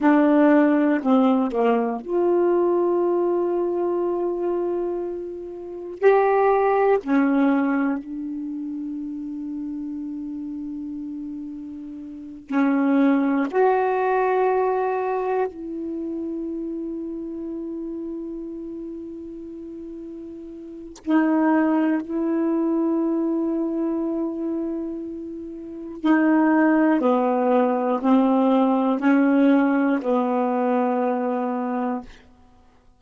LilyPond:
\new Staff \with { instrumentName = "saxophone" } { \time 4/4 \tempo 4 = 60 d'4 c'8 ais8 f'2~ | f'2 g'4 cis'4 | d'1~ | d'8 cis'4 fis'2 e'8~ |
e'1~ | e'4 dis'4 e'2~ | e'2 dis'4 b4 | c'4 cis'4 b2 | }